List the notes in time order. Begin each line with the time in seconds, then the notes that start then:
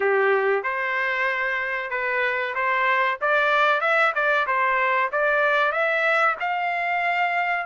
0.00 G4
0.63 C5
1.90 B4
2.54 C5
3.21 D5
3.81 E5
4.14 D5
4.46 C5
5.12 D5
5.71 E5
6.40 F5